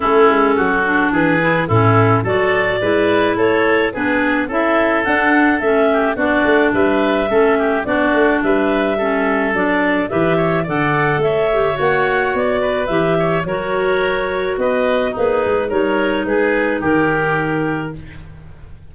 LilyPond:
<<
  \new Staff \with { instrumentName = "clarinet" } { \time 4/4 \tempo 4 = 107 a'2 b'4 a'4 | d''2 cis''4 b'4 | e''4 fis''4 e''4 d''4 | e''2 d''4 e''4~ |
e''4 d''4 e''4 fis''4 | e''4 fis''4 d''4 e''4 | cis''2 dis''4 b'4 | cis''4 b'4 ais'2 | }
  \new Staff \with { instrumentName = "oboe" } { \time 4/4 e'4 fis'4 gis'4 e'4 | a'4 b'4 a'4 gis'4 | a'2~ a'8 g'8 fis'4 | b'4 a'8 g'8 fis'4 b'4 |
a'2 b'8 cis''8 d''4 | cis''2~ cis''8 b'4 cis''8 | ais'2 b'4 dis'4 | ais'4 gis'4 g'2 | }
  \new Staff \with { instrumentName = "clarinet" } { \time 4/4 cis'4. d'4 e'8 cis'4 | fis'4 e'2 d'4 | e'4 d'4 cis'4 d'4~ | d'4 cis'4 d'2 |
cis'4 d'4 g'4 a'4~ | a'8 g'8 fis'2 g'4 | fis'2. gis'4 | dis'1 | }
  \new Staff \with { instrumentName = "tuba" } { \time 4/4 a8 gis8 fis4 e4 a,4 | fis4 gis4 a4 b4 | cis'4 d'4 a4 b8 a8 | g4 a4 b8 a8 g4~ |
g4 fis4 e4 d4 | a4 ais4 b4 e4 | fis2 b4 ais8 gis8 | g4 gis4 dis2 | }
>>